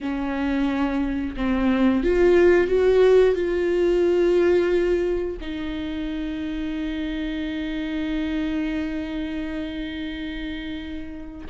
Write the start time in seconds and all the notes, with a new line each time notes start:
0.01 C#4
1.36 C4
2.03 F4
2.67 F#4
3.35 F4
5.41 D#4